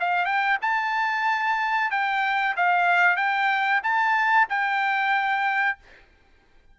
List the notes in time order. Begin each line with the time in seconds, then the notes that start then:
0.00 F5
0.26 G5
0.62 A5
1.91 G5
2.56 F5
3.17 G5
3.83 A5
4.49 G5